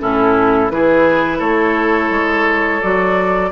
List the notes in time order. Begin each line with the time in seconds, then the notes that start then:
0.00 A2 C#4 E4 A4
0.70 E3 E4 G#4 B4
1.39 A3 A4 C#5
2.11 G#3
2.81 F#3 F#4 D5